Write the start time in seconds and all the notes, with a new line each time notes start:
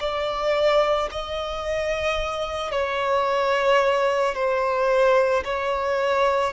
0.00 D5
1.11 D#5
2.71 C#5
4.34 C5
5.44 C#5